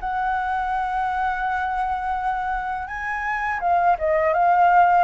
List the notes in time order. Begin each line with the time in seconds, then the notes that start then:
0.00 F#5
2.87 G#5
3.60 F5
3.98 D#5
4.33 F5